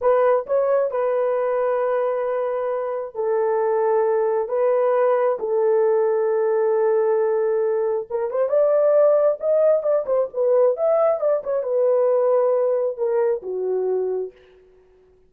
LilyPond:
\new Staff \with { instrumentName = "horn" } { \time 4/4 \tempo 4 = 134 b'4 cis''4 b'2~ | b'2. a'4~ | a'2 b'2 | a'1~ |
a'2 ais'8 c''8 d''4~ | d''4 dis''4 d''8 c''8 b'4 | e''4 d''8 cis''8 b'2~ | b'4 ais'4 fis'2 | }